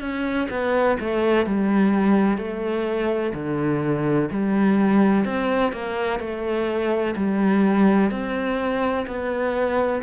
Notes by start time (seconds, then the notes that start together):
0.00 C#4
0.50 B3
1.00 A3
1.46 G3
2.38 A3
3.34 D3
4.31 G3
5.25 C4
5.72 A#3
6.19 A3
7.16 G3
8.11 C4
9.06 B3